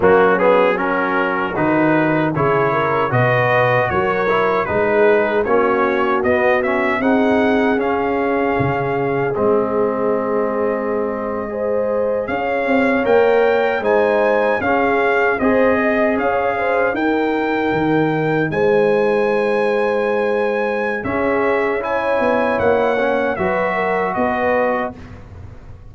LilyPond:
<<
  \new Staff \with { instrumentName = "trumpet" } { \time 4/4 \tempo 4 = 77 fis'8 gis'8 ais'4 b'4 cis''4 | dis''4 cis''4 b'4 cis''4 | dis''8 e''8 fis''4 f''2 | dis''2.~ dis''8. f''16~ |
f''8. g''4 gis''4 f''4 dis''16~ | dis''8. f''4 g''2 gis''16~ | gis''2. e''4 | gis''4 fis''4 e''4 dis''4 | }
  \new Staff \with { instrumentName = "horn" } { \time 4/4 cis'4 fis'2 gis'8 ais'8 | b'4 ais'4 gis'4 fis'4~ | fis'4 gis'2.~ | gis'2~ gis'8. c''4 cis''16~ |
cis''4.~ cis''16 c''4 gis'4 c''16~ | c''16 dis''8 cis''8 c''8 ais'2 c''16~ | c''2. gis'4 | cis''2 b'8 ais'8 b'4 | }
  \new Staff \with { instrumentName = "trombone" } { \time 4/4 ais8 b8 cis'4 dis'4 e'4 | fis'4. e'8 dis'4 cis'4 | b8 cis'8 dis'4 cis'2 | c'2~ c'8. gis'4~ gis'16~ |
gis'8. ais'4 dis'4 cis'4 gis'16~ | gis'4.~ gis'16 dis'2~ dis'16~ | dis'2. cis'4 | e'4. cis'8 fis'2 | }
  \new Staff \with { instrumentName = "tuba" } { \time 4/4 fis2 dis4 cis4 | b,4 fis4 gis4 ais4 | b4 c'4 cis'4 cis4 | gis2.~ gis8. cis'16~ |
cis'16 c'8 ais4 gis4 cis'4 c'16~ | c'8. cis'4 dis'4 dis4 gis16~ | gis2. cis'4~ | cis'8 b8 ais4 fis4 b4 | }
>>